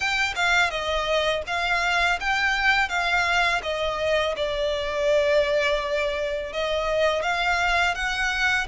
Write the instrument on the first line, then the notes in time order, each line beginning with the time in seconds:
violin
0.00 G5
0.35 F5
0.70 D#5
1.47 F5
2.19 G5
2.88 F5
3.62 D#5
4.36 D5
6.52 D#5
7.22 F5
7.94 F#5